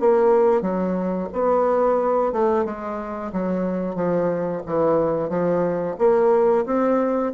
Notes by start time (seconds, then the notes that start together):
0.00 A#3
0.61 F#3
1.32 B3
2.32 A3
2.65 G#3
3.32 F#3
3.95 F3
4.66 E3
5.29 F3
5.98 A#3
6.65 C4